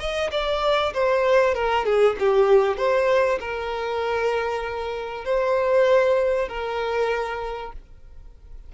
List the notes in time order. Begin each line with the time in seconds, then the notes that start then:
0.00 D#5
0.32 D5
0.94 C5
1.55 A#4
1.86 G#4
2.20 G4
2.78 C5
3.40 A#4
5.25 C5
6.49 A#4